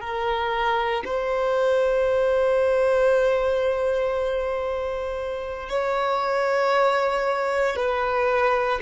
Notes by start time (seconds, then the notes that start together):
0.00 A#4
1.04 C5
5.69 C#5
7.76 B4